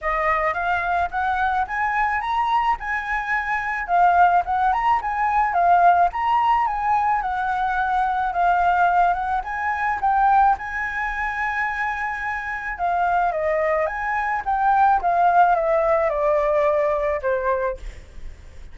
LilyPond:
\new Staff \with { instrumentName = "flute" } { \time 4/4 \tempo 4 = 108 dis''4 f''4 fis''4 gis''4 | ais''4 gis''2 f''4 | fis''8 ais''8 gis''4 f''4 ais''4 | gis''4 fis''2 f''4~ |
f''8 fis''8 gis''4 g''4 gis''4~ | gis''2. f''4 | dis''4 gis''4 g''4 f''4 | e''4 d''2 c''4 | }